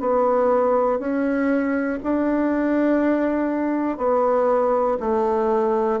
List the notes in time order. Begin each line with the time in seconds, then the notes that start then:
0.00 B3
0.99 C#4
2.03 D4
3.97 B3
5.00 A3